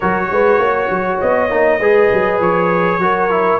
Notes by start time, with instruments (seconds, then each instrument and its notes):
0.00 tuba F#3, trombone F#4, horn A#4, trumpet C#5
0.31 tuba G#3, horn B4
0.58 tuba A#3, horn C#5
0.90 tuba F#3
1.21 tuba B3, trumpet D#5
1.49 tuba A#3, trombone D#4
1.79 tuba G#3, trombone G#4, horn B4
2.12 tuba F#3
2.40 tuba F3, trumpet C#5
2.98 tuba F#3, trombone F#4, horn A#4
3.30 trombone E4